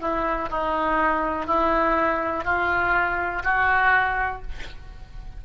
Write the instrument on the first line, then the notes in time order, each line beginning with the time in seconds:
oboe
0.00 E4
0.50 D#4
1.46 E4
2.44 F4
3.43 F#4